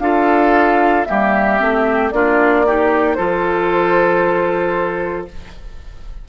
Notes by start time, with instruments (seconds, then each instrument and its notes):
0.00 bassoon D4, clarinet F4, oboe A4, flute F5
1.05 bassoon G3, clarinet A#3, oboe G4, flute E5
1.59 bassoon A3, clarinet C4
2.11 bassoon A#3, clarinet D4, oboe F4, flute D5
2.66 clarinet D#4, oboe G4
3.14 bassoon F3, clarinet F4, oboe A4, flute C5